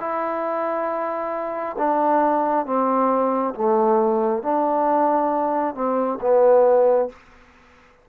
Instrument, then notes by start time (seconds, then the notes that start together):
trombone
0.00 E4
1.78 D4
2.66 C4
3.55 A3
4.43 D4
5.75 C4
6.21 B3